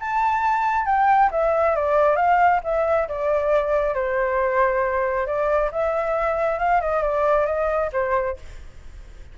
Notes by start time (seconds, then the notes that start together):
0.00 A5
0.86 G5
1.32 E5
1.76 D5
2.16 F5
2.64 E5
3.09 D5
3.94 C5
5.26 D5
5.72 E5
6.59 F5
6.81 D#5
7.02 D5
7.46 D#5
7.93 C5